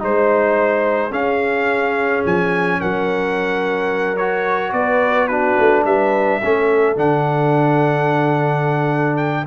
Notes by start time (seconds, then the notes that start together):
0.00 G#3 D#4 C5
1.11 C#4 G#4 F5
2.26 F3 G#5
2.80 F#3 A#4 F#5
4.17 F#4 C#5
4.73 B3 B4 D5
5.28 D4 F#4 B4
5.59 A3
5.85 G3 B4 E5
6.42 A3 C#4 A4
6.97 D3 D4 F#5
9.17 G5